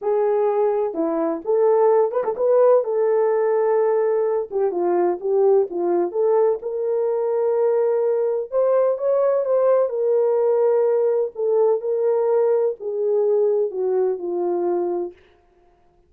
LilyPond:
\new Staff \with { instrumentName = "horn" } { \time 4/4 \tempo 4 = 127 gis'2 e'4 a'4~ | a'8 b'16 a'16 b'4 a'2~ | a'4. g'8 f'4 g'4 | f'4 a'4 ais'2~ |
ais'2 c''4 cis''4 | c''4 ais'2. | a'4 ais'2 gis'4~ | gis'4 fis'4 f'2 | }